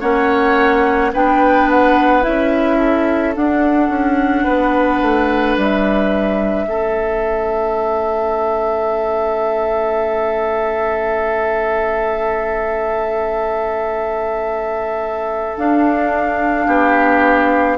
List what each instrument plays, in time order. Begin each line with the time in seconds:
0.00 bassoon A#3, clarinet C#4, oboe C#5, flute F#5
1.13 bassoon B3, clarinet D4, oboe B4, flute G5
1.70 flute F#5
2.22 bassoon C#4, clarinet E4, flute E5
2.78 oboe A4
3.35 clarinet D4, bassoon D4, flute F#5
3.89 bassoon C#4
4.43 bassoon B3, oboe B4
5.01 bassoon A3
5.57 bassoon G3, flute E5
6.66 bassoon A3, clarinet C#4, oboe A4
15.57 bassoon D4, clarinet D4, flute F5
16.66 bassoon B3, oboe G4